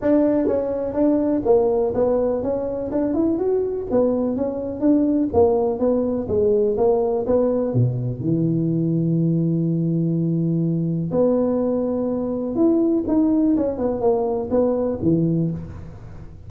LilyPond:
\new Staff \with { instrumentName = "tuba" } { \time 4/4 \tempo 4 = 124 d'4 cis'4 d'4 ais4 | b4 cis'4 d'8 e'8 fis'4 | b4 cis'4 d'4 ais4 | b4 gis4 ais4 b4 |
b,4 e2.~ | e2. b4~ | b2 e'4 dis'4 | cis'8 b8 ais4 b4 e4 | }